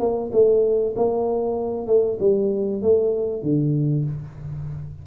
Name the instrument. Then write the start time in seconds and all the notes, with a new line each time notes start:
tuba
0.00 A#3
0.33 A3
0.96 A#3
1.87 A3
2.20 G3
2.82 A3
3.43 D3